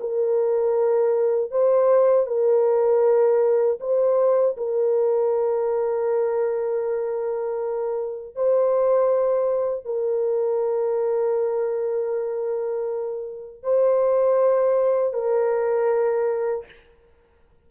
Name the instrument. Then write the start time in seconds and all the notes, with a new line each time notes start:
horn
0.00 A#4
1.51 C5
2.26 A#4
3.80 C5
4.57 A#4
8.35 C5
9.85 A#4
13.63 C5
15.13 A#4